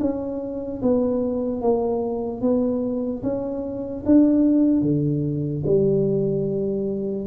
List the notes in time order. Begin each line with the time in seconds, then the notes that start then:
0.00 C#4
0.82 B3
1.61 A#3
2.41 B3
3.23 C#4
4.05 D4
4.82 D3
5.66 G3